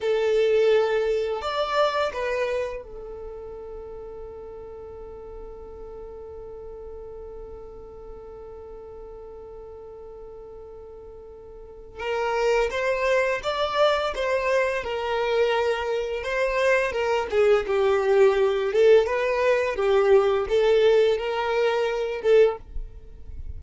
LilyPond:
\new Staff \with { instrumentName = "violin" } { \time 4/4 \tempo 4 = 85 a'2 d''4 b'4 | a'1~ | a'1~ | a'1~ |
a'4 ais'4 c''4 d''4 | c''4 ais'2 c''4 | ais'8 gis'8 g'4. a'8 b'4 | g'4 a'4 ais'4. a'8 | }